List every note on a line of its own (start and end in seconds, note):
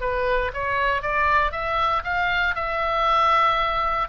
0.00 0.51 B4
0.53 1.02 C#5
1.02 1.51 D5
1.51 2.03 E5
2.04 2.55 F5
2.55 4.08 E5